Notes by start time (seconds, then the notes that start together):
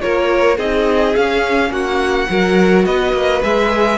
0.00 A#3 F4 A#4 C#5
0.57 C4 D#4 G#4 D#5
1.16 C#4 F5
1.71 A#3 F#4 F#5
2.30 F#3 F#4 A#4
2.86 B3 B4 D#5
3.13 A#3
3.43 G#3 G#4 E5